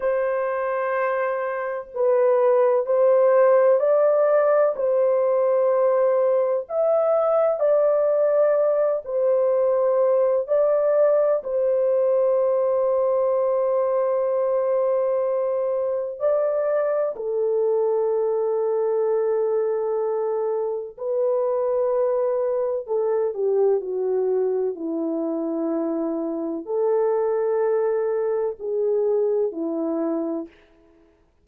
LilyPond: \new Staff \with { instrumentName = "horn" } { \time 4/4 \tempo 4 = 63 c''2 b'4 c''4 | d''4 c''2 e''4 | d''4. c''4. d''4 | c''1~ |
c''4 d''4 a'2~ | a'2 b'2 | a'8 g'8 fis'4 e'2 | a'2 gis'4 e'4 | }